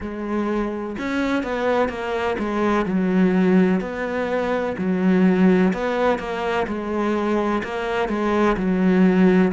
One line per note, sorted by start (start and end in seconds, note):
0.00 0.96 G#3
0.98 1.43 C#4
1.43 1.88 B3
1.88 2.36 A#3
2.39 2.85 G#3
2.85 3.80 F#3
3.80 4.75 B3
4.77 5.72 F#3
5.73 6.18 B3
6.18 6.66 A#3
6.67 7.62 G#3
7.63 8.08 A#3
8.08 8.56 G#3
8.56 9.52 F#3